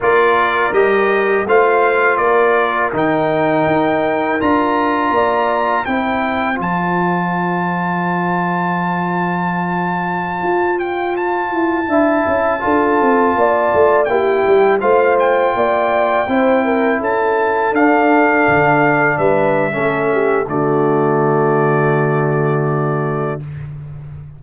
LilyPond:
<<
  \new Staff \with { instrumentName = "trumpet" } { \time 4/4 \tempo 4 = 82 d''4 dis''4 f''4 d''4 | g''2 ais''2 | g''4 a''2.~ | a''2~ a''8. g''8 a''8.~ |
a''2.~ a''16 g''8.~ | g''16 f''8 g''2~ g''8 a''8.~ | a''16 f''2 e''4.~ e''16 | d''1 | }
  \new Staff \with { instrumentName = "horn" } { \time 4/4 ais'2 c''4 ais'4~ | ais'2. d''4 | c''1~ | c''1~ |
c''16 e''4 a'4 d''4 g'8.~ | g'16 c''4 d''4 c''8 ais'8 a'8.~ | a'2~ a'16 b'8. a'8 g'8 | fis'1 | }
  \new Staff \with { instrumentName = "trombone" } { \time 4/4 f'4 g'4 f'2 | dis'2 f'2 | e'4 f'2.~ | f'1~ |
f'16 e'4 f'2 e'8.~ | e'16 f'2 e'4.~ e'16~ | e'16 d'2~ d'8. cis'4 | a1 | }
  \new Staff \with { instrumentName = "tuba" } { \time 4/4 ais4 g4 a4 ais4 | dis4 dis'4 d'4 ais4 | c'4 f2.~ | f2~ f16 f'4. e'16~ |
e'16 d'8 cis'8 d'8 c'8 ais8 a8 ais8 g16~ | g16 a4 ais4 c'4 cis'8.~ | cis'16 d'4 d4 g8. a4 | d1 | }
>>